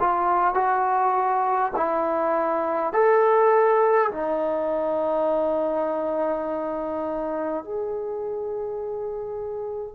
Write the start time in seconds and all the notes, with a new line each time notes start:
0.00 F4
0.54 F#4
1.76 E4
2.93 A4
4.11 D#4
7.64 G#4